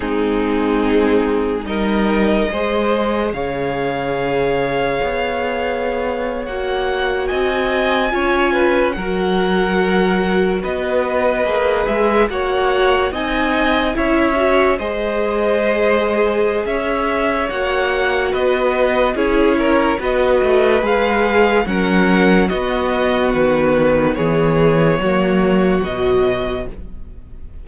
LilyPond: <<
  \new Staff \with { instrumentName = "violin" } { \time 4/4 \tempo 4 = 72 gis'2 dis''2 | f''2.~ f''8. fis''16~ | fis''8. gis''2 fis''4~ fis''16~ | fis''8. dis''4. e''8 fis''4 gis''16~ |
gis''8. e''4 dis''2~ dis''16 | e''4 fis''4 dis''4 cis''4 | dis''4 f''4 fis''4 dis''4 | b'4 cis''2 dis''4 | }
  \new Staff \with { instrumentName = "violin" } { \time 4/4 dis'2 ais'4 c''4 | cis''1~ | cis''8. dis''4 cis''8 b'8 ais'4~ ais'16~ | ais'8. b'2 cis''4 dis''16~ |
dis''8. cis''4 c''2~ c''16 | cis''2 b'4 gis'8 ais'8 | b'2 ais'4 fis'4~ | fis'4 gis'4 fis'2 | }
  \new Staff \with { instrumentName = "viola" } { \time 4/4 c'2 dis'4 gis'4~ | gis'2.~ gis'8. fis'16~ | fis'4.~ fis'16 f'4 fis'4~ fis'16~ | fis'4.~ fis'16 gis'4 fis'4 dis'16~ |
dis'8. e'8 fis'8 gis'2~ gis'16~ | gis'4 fis'2 e'4 | fis'4 gis'4 cis'4 b4~ | b2 ais4 fis4 | }
  \new Staff \with { instrumentName = "cello" } { \time 4/4 gis2 g4 gis4 | cis2 b4.~ b16 ais16~ | ais8. c'4 cis'4 fis4~ fis16~ | fis8. b4 ais8 gis8 ais4 c'16~ |
c'8. cis'4 gis2~ gis16 | cis'4 ais4 b4 cis'4 | b8 a8 gis4 fis4 b4 | dis4 e4 fis4 b,4 | }
>>